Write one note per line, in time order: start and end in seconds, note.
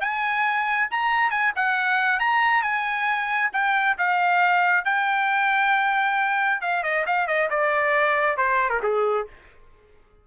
0.00 0.88 G#5
0.90 1.30 A#5
1.30 1.52 G#5
1.55 2.19 F#5
2.19 2.62 A#5
2.62 3.50 G#5
3.52 3.96 G5
3.98 4.84 F5
4.84 6.61 G5
6.61 6.83 F5
6.83 7.05 D#5
7.06 7.27 F5
7.27 7.49 D#5
7.50 8.37 D5
8.37 8.69 C5
8.69 8.80 A#4
8.83 9.27 G#4